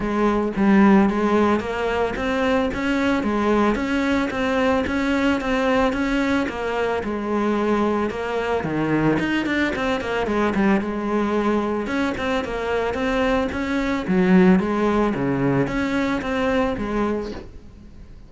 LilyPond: \new Staff \with { instrumentName = "cello" } { \time 4/4 \tempo 4 = 111 gis4 g4 gis4 ais4 | c'4 cis'4 gis4 cis'4 | c'4 cis'4 c'4 cis'4 | ais4 gis2 ais4 |
dis4 dis'8 d'8 c'8 ais8 gis8 g8 | gis2 cis'8 c'8 ais4 | c'4 cis'4 fis4 gis4 | cis4 cis'4 c'4 gis4 | }